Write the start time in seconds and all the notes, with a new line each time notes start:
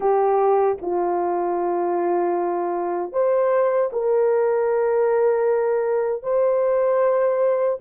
0.00 G4
0.81 F4
3.12 C5
3.92 A#4
6.22 C5